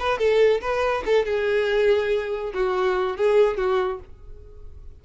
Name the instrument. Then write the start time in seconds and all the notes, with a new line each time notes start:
violin
0.00 B4
0.19 A4
0.62 B4
1.06 A4
1.26 G#4
2.54 F#4
3.17 G#4
3.58 F#4